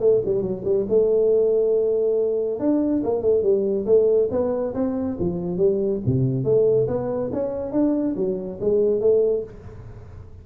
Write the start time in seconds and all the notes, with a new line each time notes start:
0.00 A3
0.26 G3
0.42 F#3
0.65 G3
0.89 A3
2.59 D4
3.04 A#3
3.22 A3
3.43 G3
3.86 A3
4.31 B3
4.75 C4
5.19 F3
5.57 G3
6.06 C3
6.44 A3
6.88 B3
7.33 C#4
7.72 D4
8.16 F#3
8.61 G#3
9.01 A3